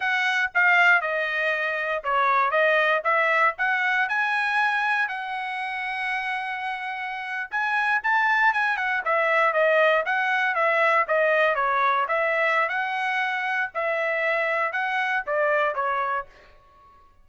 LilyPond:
\new Staff \with { instrumentName = "trumpet" } { \time 4/4 \tempo 4 = 118 fis''4 f''4 dis''2 | cis''4 dis''4 e''4 fis''4 | gis''2 fis''2~ | fis''2~ fis''8. gis''4 a''16~ |
a''8. gis''8 fis''8 e''4 dis''4 fis''16~ | fis''8. e''4 dis''4 cis''4 e''16~ | e''4 fis''2 e''4~ | e''4 fis''4 d''4 cis''4 | }